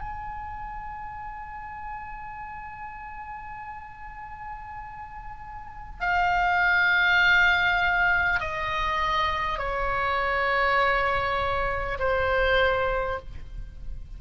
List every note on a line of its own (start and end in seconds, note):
0.00 6.00 G#5
6.00 8.40 F5
8.41 9.58 D#5
9.58 11.98 C#5
11.99 13.19 C5